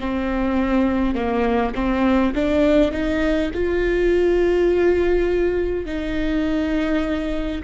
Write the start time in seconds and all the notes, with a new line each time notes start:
0.00 C4
1.15 A#3
1.75 C4
2.35 D4
2.92 D#4
3.54 F4
5.86 D#4